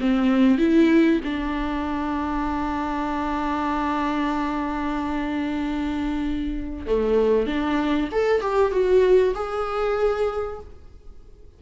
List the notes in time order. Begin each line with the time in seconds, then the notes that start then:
0.00 C4
0.58 E4
1.24 D4
6.86 A3
7.46 D4
8.11 A4
8.41 G4
8.72 F#4
9.34 G#4